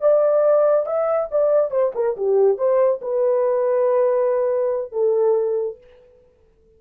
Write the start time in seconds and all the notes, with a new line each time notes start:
0.00 D5
0.86 E5
1.31 D5
1.71 C5
1.95 A#4
2.17 G4
2.57 C5
3.01 B4
4.92 A4